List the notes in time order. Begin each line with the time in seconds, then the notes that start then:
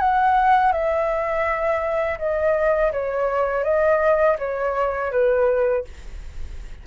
0.00 F#5
0.73 E5
2.19 D#5
2.93 C#5
3.64 D#5
4.39 C#5
5.12 B4